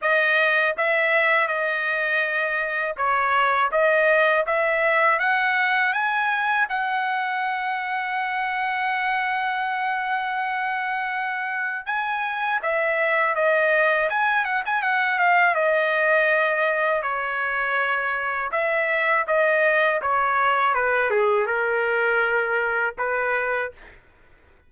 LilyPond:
\new Staff \with { instrumentName = "trumpet" } { \time 4/4 \tempo 4 = 81 dis''4 e''4 dis''2 | cis''4 dis''4 e''4 fis''4 | gis''4 fis''2.~ | fis''1 |
gis''4 e''4 dis''4 gis''8 fis''16 gis''16 | fis''8 f''8 dis''2 cis''4~ | cis''4 e''4 dis''4 cis''4 | b'8 gis'8 ais'2 b'4 | }